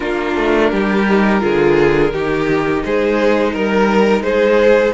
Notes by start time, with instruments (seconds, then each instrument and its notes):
0.00 cello A#3, viola D4, violin F4 A#4
0.36 cello A3
0.70 cello G3, violin G4
1.09 viola D#4
1.40 cello D3, viola F4, violin G#4
2.12 cello D#3, viola D#4, violin G4
2.84 cello G#3, violin G#4 C5
3.52 cello G3, violin A#4
4.20 cello G#3, violin G#4 C5